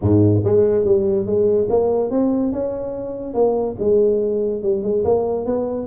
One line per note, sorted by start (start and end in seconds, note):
0.01 0.43 G#2
0.44 0.84 G#3
0.84 1.26 G3
1.26 1.68 G#3
1.69 2.10 A#3
2.10 2.52 C4
2.52 3.34 C#4
3.34 3.76 A#3
3.79 4.62 G#3
4.62 4.83 G3
4.83 5.03 G#3
5.04 5.45 A#3
5.45 5.86 B3